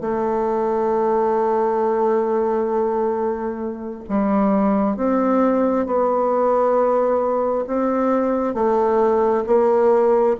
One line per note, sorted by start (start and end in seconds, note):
0.00 4.03 A3
4.09 4.96 G3
4.96 5.86 C4
5.86 7.65 B3
7.66 8.54 C4
8.54 9.44 A3
9.46 10.36 A#3